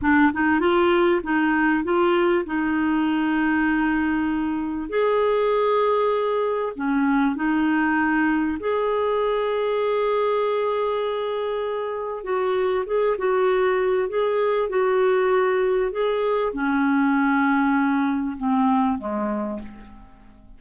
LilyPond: \new Staff \with { instrumentName = "clarinet" } { \time 4/4 \tempo 4 = 98 d'8 dis'8 f'4 dis'4 f'4 | dis'1 | gis'2. cis'4 | dis'2 gis'2~ |
gis'1 | fis'4 gis'8 fis'4. gis'4 | fis'2 gis'4 cis'4~ | cis'2 c'4 gis4 | }